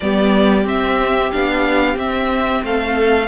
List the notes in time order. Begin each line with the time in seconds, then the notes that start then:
0.00 G3 B3 G4 D5
0.64 C4 E5
1.31 B3 D4 F5
1.95 C4 E5
2.63 A3 A4 F5